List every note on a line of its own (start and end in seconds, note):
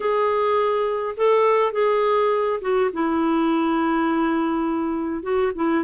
0.00 1.15 G#4
1.16 1.72 A4
1.72 2.59 G#4
2.61 2.90 F#4
2.93 5.23 E4
5.23 5.52 F#4
5.55 5.84 E4